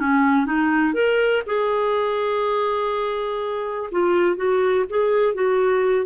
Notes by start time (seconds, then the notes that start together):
0.00 C#4
0.46 D#4
0.94 A#4
1.47 G#4
3.92 F4
4.37 F#4
4.90 G#4
5.35 F#4